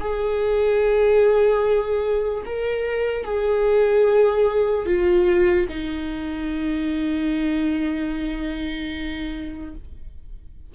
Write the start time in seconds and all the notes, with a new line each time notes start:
0.00 G#4
2.45 A#4
3.24 G#4
4.85 F4
5.69 D#4